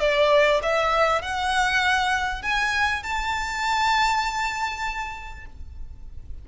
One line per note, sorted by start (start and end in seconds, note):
0.00 0.61 D5
0.63 1.22 E5
1.22 2.43 F#5
2.43 3.03 G#5
3.03 5.46 A5